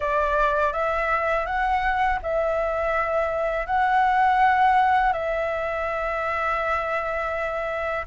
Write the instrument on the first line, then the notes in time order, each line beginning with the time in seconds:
flute
0.00 D5
0.72 E5
1.46 F#5
2.22 E5
3.66 F#5
5.12 E5